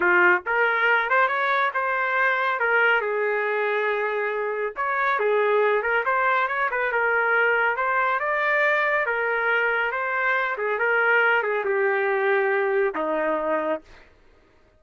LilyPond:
\new Staff \with { instrumentName = "trumpet" } { \time 4/4 \tempo 4 = 139 f'4 ais'4. c''8 cis''4 | c''2 ais'4 gis'4~ | gis'2. cis''4 | gis'4. ais'8 c''4 cis''8 b'8 |
ais'2 c''4 d''4~ | d''4 ais'2 c''4~ | c''8 gis'8 ais'4. gis'8 g'4~ | g'2 dis'2 | }